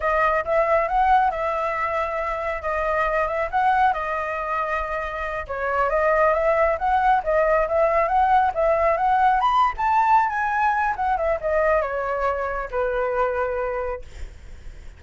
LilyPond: \new Staff \with { instrumentName = "flute" } { \time 4/4 \tempo 4 = 137 dis''4 e''4 fis''4 e''4~ | e''2 dis''4. e''8 | fis''4 dis''2.~ | dis''8 cis''4 dis''4 e''4 fis''8~ |
fis''8 dis''4 e''4 fis''4 e''8~ | e''8 fis''4 b''8. a''4~ a''16 gis''8~ | gis''4 fis''8 e''8 dis''4 cis''4~ | cis''4 b'2. | }